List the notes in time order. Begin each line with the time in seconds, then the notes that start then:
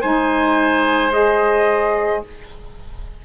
0.00 G#3 D#4 C5 G#5
1.11 G#4 D#5